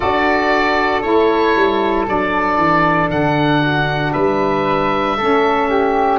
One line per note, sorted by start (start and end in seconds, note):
0.00 1.04 D4
0.00 1.02 F#4
0.00 3.61 A4
0.00 1.02 D5
1.02 1.55 A3
1.02 2.06 E4
1.02 2.05 C#5
1.55 2.07 G3
2.06 2.57 F#3
2.06 5.17 D4
2.06 3.10 D5
2.57 3.08 E3
3.09 4.13 D3
3.09 4.12 F#5
3.61 4.12 F#4
4.12 5.17 G3
4.12 5.16 B4
4.12 6.18 E5
5.17 6.18 A3
5.17 6.18 C#4
5.17 5.68 A4
5.69 6.18 G4